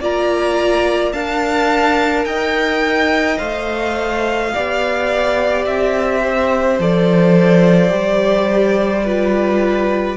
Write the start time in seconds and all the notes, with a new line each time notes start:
0.00 A#3 F4 D5 A#5
1.12 D4 A#4 F5 A5
2.24 D#4 D#5 G5
3.38 A3 C5 F5
4.54 B3 G4 D5
5.66 C4 E5
6.22 C5
6.79 F3 A4 D5
7.89 G3 G4
9.04 F4 B4